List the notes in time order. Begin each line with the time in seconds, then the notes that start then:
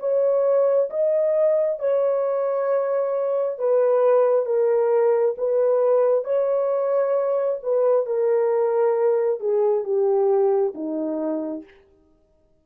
0.00 C#5
0.90 D#5
1.80 C#5
3.59 B4
4.46 A#4
5.38 B4
6.24 C#5
7.63 B4
8.06 A#4
9.40 G#4
9.84 G4
10.75 D#4